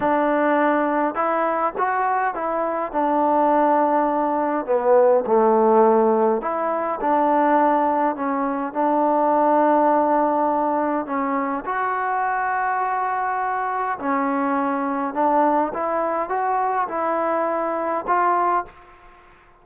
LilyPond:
\new Staff \with { instrumentName = "trombone" } { \time 4/4 \tempo 4 = 103 d'2 e'4 fis'4 | e'4 d'2. | b4 a2 e'4 | d'2 cis'4 d'4~ |
d'2. cis'4 | fis'1 | cis'2 d'4 e'4 | fis'4 e'2 f'4 | }